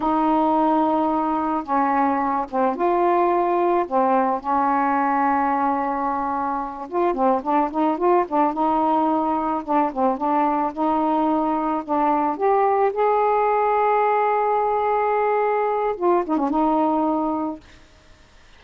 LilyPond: \new Staff \with { instrumentName = "saxophone" } { \time 4/4 \tempo 4 = 109 dis'2. cis'4~ | cis'8 c'8 f'2 c'4 | cis'1~ | cis'8 f'8 c'8 d'8 dis'8 f'8 d'8 dis'8~ |
dis'4. d'8 c'8 d'4 dis'8~ | dis'4. d'4 g'4 gis'8~ | gis'1~ | gis'4 f'8 dis'16 cis'16 dis'2 | }